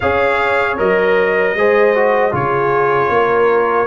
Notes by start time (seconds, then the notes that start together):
0.00 C#4 G#4 C#5 F5
0.77 F#3 A#4 D#5
1.54 G#3 G#4 C5
1.95 F#4
2.31 C#3 F4 G#4 C#5
3.09 A#3 A#4